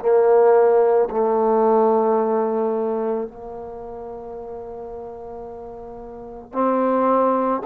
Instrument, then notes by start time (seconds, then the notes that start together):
trombone
0.00 A#3
1.11 A3
3.28 A#3
6.53 C4